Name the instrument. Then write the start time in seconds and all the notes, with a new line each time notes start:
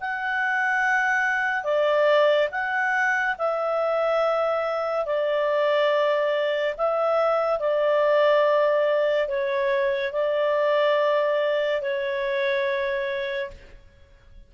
clarinet
0.00 F#5
1.64 D5
2.51 F#5
3.38 E5
5.06 D5
6.77 E5
7.59 D5
9.28 C#5
10.13 D5
11.82 C#5